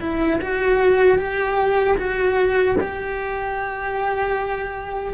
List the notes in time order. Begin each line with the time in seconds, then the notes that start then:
0.00 E4
0.41 F#4
1.18 G4
1.97 F#4
2.80 G4